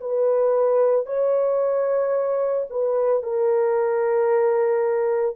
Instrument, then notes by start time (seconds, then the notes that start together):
horn
0.00 B4
1.06 C#5
2.70 B4
3.22 A#4